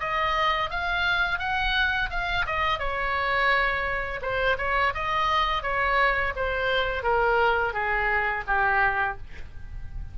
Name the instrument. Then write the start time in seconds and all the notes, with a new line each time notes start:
oboe
0.00 D#5
0.71 F5
1.39 F#5
2.10 F5
2.46 D#5
2.79 C#5
4.22 C5
4.58 C#5
4.94 D#5
5.63 C#5
6.36 C5
7.03 A#4
7.73 G#4
8.47 G4